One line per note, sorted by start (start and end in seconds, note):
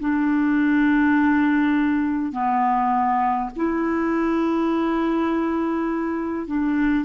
0.00 2.32 D4
2.32 3.50 B3
3.57 6.47 E4
6.47 7.05 D4